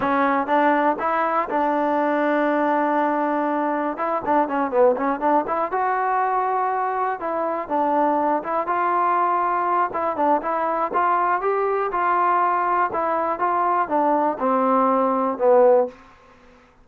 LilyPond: \new Staff \with { instrumentName = "trombone" } { \time 4/4 \tempo 4 = 121 cis'4 d'4 e'4 d'4~ | d'1 | e'8 d'8 cis'8 b8 cis'8 d'8 e'8 fis'8~ | fis'2~ fis'8 e'4 d'8~ |
d'4 e'8 f'2~ f'8 | e'8 d'8 e'4 f'4 g'4 | f'2 e'4 f'4 | d'4 c'2 b4 | }